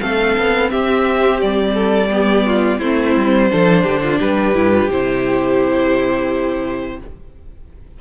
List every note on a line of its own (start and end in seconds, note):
0.00 0.36 A3
0.00 2.09 C4
0.00 0.70 A4
0.00 0.70 F5
0.37 0.72 B3
0.70 1.41 C4
0.70 1.73 G4
0.70 1.40 E5
1.40 2.81 G3
1.40 2.79 D5
1.73 2.08 A4
2.10 2.80 B3
2.10 2.46 G4
2.46 2.78 F4
2.78 3.15 A3
2.78 3.50 C4
2.78 3.48 E4
2.78 4.18 C5
3.16 3.51 G3
3.50 3.84 F3
3.50 4.54 D4
3.50 3.83 A4
3.83 4.19 D3
3.83 4.00 G4
4.02 4.19 F4
4.19 4.54 G3
4.19 6.98 G4
4.19 4.90 B4
4.54 4.89 G2
4.54 4.71 E4
4.71 4.89 F4
4.90 7.00 C3
4.90 7.00 E4
4.90 7.00 C5